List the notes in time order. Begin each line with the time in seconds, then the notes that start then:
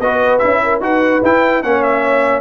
0.00 B3 F#4 B4 D#5
0.39 C#4 E4 E5
0.63 A#4
0.80 D#4 F#4 B4 F#5
1.23 E4 G5
1.63 A#3 C#4 C#5 F#5
1.83 E5